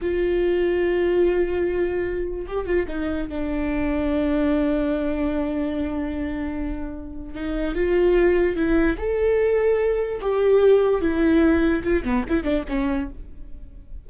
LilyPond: \new Staff \with { instrumentName = "viola" } { \time 4/4 \tempo 4 = 147 f'1~ | f'2 g'8 f'8 dis'4 | d'1~ | d'1~ |
d'2 dis'4 f'4~ | f'4 e'4 a'2~ | a'4 g'2 e'4~ | e'4 f'8 b8 e'8 d'8 cis'4 | }